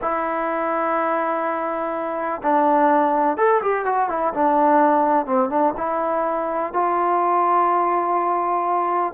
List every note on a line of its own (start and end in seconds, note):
0.01 2.41 E4
2.43 3.37 D4
3.37 3.61 A4
3.62 3.85 G4
3.85 4.09 F#4
4.09 4.33 E4
4.34 5.25 D4
5.25 5.49 C4
5.49 5.73 D4
5.77 6.73 E4
6.73 9.13 F4